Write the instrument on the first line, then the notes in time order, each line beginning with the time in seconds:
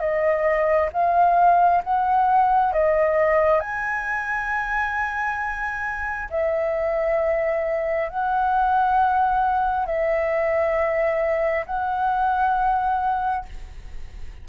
flute
0.00 D#5
0.93 F5
1.84 F#5
2.73 D#5
3.60 G#5
6.30 E5
8.09 F#5
9.86 E5
11.66 F#5